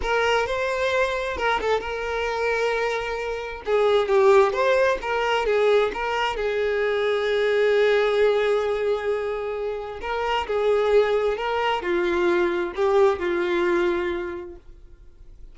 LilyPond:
\new Staff \with { instrumentName = "violin" } { \time 4/4 \tempo 4 = 132 ais'4 c''2 ais'8 a'8 | ais'1 | gis'4 g'4 c''4 ais'4 | gis'4 ais'4 gis'2~ |
gis'1~ | gis'2 ais'4 gis'4~ | gis'4 ais'4 f'2 | g'4 f'2. | }